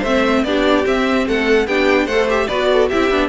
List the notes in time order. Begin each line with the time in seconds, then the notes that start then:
0.00 A3 C4 C5 E5
0.44 B3 D4 G4 D5
0.84 C4 E5
1.27 A3 A4 F#5
1.67 B3 D4 G4 G5
2.05 A3 A4 C5 F#5
2.29 G4 E5
2.47 B3 F#4 B4 D5
2.73 A4
2.88 C4 E4 G4 E5
3.10 B3 D4